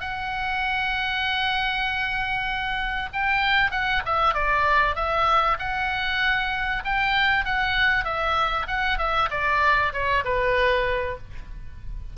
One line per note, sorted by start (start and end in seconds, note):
0.00 3.09 F#5
3.13 3.71 G5
3.71 4.02 F#5
4.05 4.34 E5
4.34 4.95 D5
4.95 5.57 E5
5.59 6.83 F#5
6.84 7.45 G5
7.45 8.04 F#5
8.04 8.66 E5
8.67 8.98 F#5
8.98 9.29 E5
9.31 9.93 D5
9.93 10.23 C#5
10.24 11.17 B4